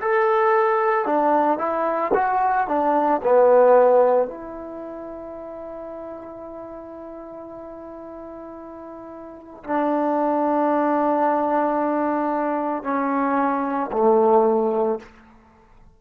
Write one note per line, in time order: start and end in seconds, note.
0.00 1.05 A4
1.05 1.58 D4
1.58 2.11 E4
2.14 2.67 F#4
2.67 3.20 D4
3.22 4.27 B3
4.27 9.63 E4
9.63 12.83 D4
12.83 13.90 C#4
13.91 14.99 A3